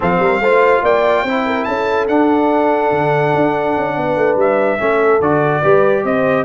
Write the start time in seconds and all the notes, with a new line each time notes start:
0.00 F3 C4 A4 F5
0.19 G3 A#4
0.39 A3 F4 C5
0.82 A#3 D5 G5
1.23 C4 E4 C5
1.46 A#4
1.63 C#4 A4 A5
2.08 D4 F#5
2.91 D3
3.34 D4
3.77 C#4
3.96 B3 B4
4.16 A3
4.35 G3 E5
4.78 A3 C#4 A4
5.20 D3 F#4 D5
5.61 G3 G4 B4
6.04 C4 C5 D#5